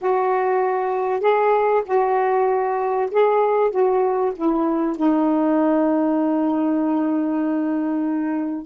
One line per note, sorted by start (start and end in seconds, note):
0.01 1.20 F#4
1.20 1.82 G#4
1.85 3.09 F#4
3.11 3.70 G#4
3.70 4.32 F#4
4.35 4.96 E4
4.96 8.66 D#4